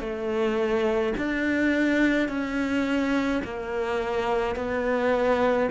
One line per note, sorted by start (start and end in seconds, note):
0.00 1.13 A3
1.17 2.28 D4
2.28 3.42 C#4
3.44 4.55 A#3
4.55 5.69 B3